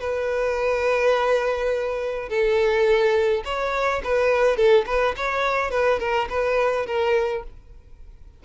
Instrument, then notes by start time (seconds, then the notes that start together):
violin
0.00 B4
2.29 A4
3.44 C#5
4.04 B4
4.56 A4
4.86 B4
5.16 C#5
5.70 B4
5.99 A#4
6.29 B4
6.86 A#4